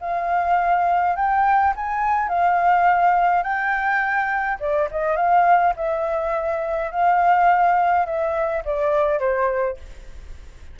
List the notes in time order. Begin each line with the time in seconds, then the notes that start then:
0.00 F5
1.16 G5
1.75 G#5
2.28 F5
3.43 G5
4.59 D5
4.90 D#5
5.16 F5
5.76 E5
6.91 F5
8.05 E5
8.65 D5
9.19 C5